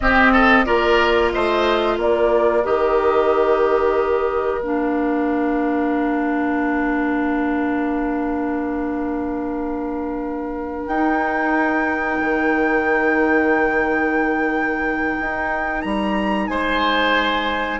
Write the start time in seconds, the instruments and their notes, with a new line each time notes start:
0.00 clarinet C4, bassoon C4, oboe G4, flute D#5
0.32 oboe A4
0.65 bassoon A#3, clarinet F4, oboe A#4, flute D5
1.31 bassoon A3, oboe C5, flute D#5
1.97 bassoon A#3, oboe A#4, flute D5
2.63 bassoon D#3, clarinet G4, flute D#5
4.59 bassoon A#3, clarinet D4, flute F5
10.87 bassoon D#4, clarinet D#4, flute G5
12.20 bassoon D#3
15.20 bassoon D#4
15.81 bassoon G3, flute A#5
16.47 bassoon G#3, oboe C5, flute G#5